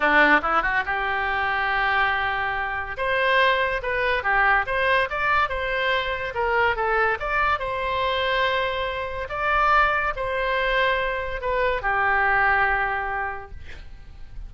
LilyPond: \new Staff \with { instrumentName = "oboe" } { \time 4/4 \tempo 4 = 142 d'4 e'8 fis'8 g'2~ | g'2. c''4~ | c''4 b'4 g'4 c''4 | d''4 c''2 ais'4 |
a'4 d''4 c''2~ | c''2 d''2 | c''2. b'4 | g'1 | }